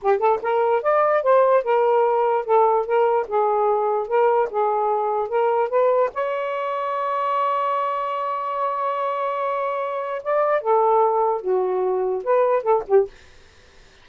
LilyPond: \new Staff \with { instrumentName = "saxophone" } { \time 4/4 \tempo 4 = 147 g'8 a'8 ais'4 d''4 c''4 | ais'2 a'4 ais'4 | gis'2 ais'4 gis'4~ | gis'4 ais'4 b'4 cis''4~ |
cis''1~ | cis''1~ | cis''4 d''4 a'2 | fis'2 b'4 a'8 g'8 | }